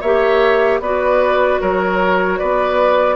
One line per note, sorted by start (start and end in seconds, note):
0.00 0.79 A#3
0.00 0.83 G4
0.00 0.79 C#5
0.00 0.80 E5
0.79 1.58 B3
0.79 3.15 F#4
0.79 1.61 B4
0.79 1.60 D5
1.61 2.40 F#3
1.61 2.38 A#4
1.61 2.38 C#5
2.38 3.15 B3
2.38 3.15 B4
2.38 3.15 D5